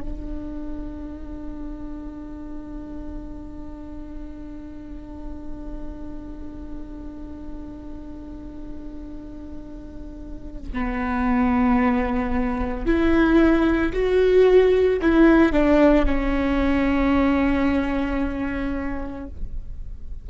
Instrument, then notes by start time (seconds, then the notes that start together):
viola
0.00 D4
10.72 B3
12.85 E4
13.92 F#4
15.01 E4
15.52 D4
16.05 C#4